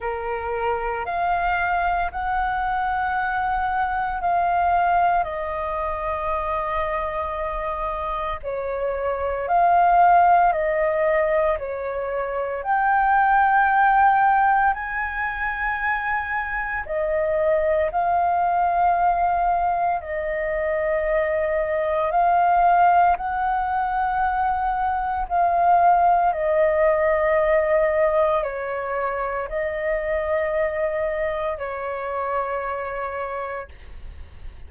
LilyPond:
\new Staff \with { instrumentName = "flute" } { \time 4/4 \tempo 4 = 57 ais'4 f''4 fis''2 | f''4 dis''2. | cis''4 f''4 dis''4 cis''4 | g''2 gis''2 |
dis''4 f''2 dis''4~ | dis''4 f''4 fis''2 | f''4 dis''2 cis''4 | dis''2 cis''2 | }